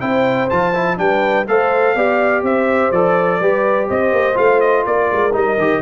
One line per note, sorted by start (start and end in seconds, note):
0.00 0.50 C4
0.00 0.49 E4
0.00 0.97 C5
0.00 0.48 G5
0.49 0.98 F3
0.49 0.73 F4
0.49 0.98 A5
0.74 0.96 E4
0.96 1.47 G3
0.96 1.45 D4
0.96 1.48 B4
0.96 1.46 G5
1.47 1.95 A3
1.47 1.96 A4
1.47 1.95 C5
1.47 2.44 F5
1.95 2.42 B3
1.95 2.93 G4
1.95 2.43 D5
2.42 2.91 C4
2.42 3.40 C5
2.42 2.91 E5
2.91 3.40 F3
2.91 3.42 A4
2.91 3.88 D5
3.40 3.88 G3
3.40 4.34 G4
3.40 3.88 B4
3.88 4.12 C4
3.88 4.85 C5
3.88 4.37 D#5
4.12 4.36 A#3
4.34 4.86 A3
4.34 5.31 F4
4.34 4.60 F5
4.60 4.84 D#5
4.86 5.10 A#3
4.86 5.82 A#4
4.86 5.34 D5
5.12 5.33 G#3
5.32 5.57 G3
5.32 5.57 D#4
5.32 5.82 D#5
5.57 5.81 D#3
5.57 5.82 G4